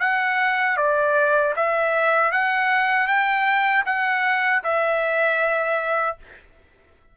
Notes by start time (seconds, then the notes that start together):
0.00 F#5
0.77 D5
1.56 E5
2.31 F#5
3.07 G5
3.85 F#5
4.63 E5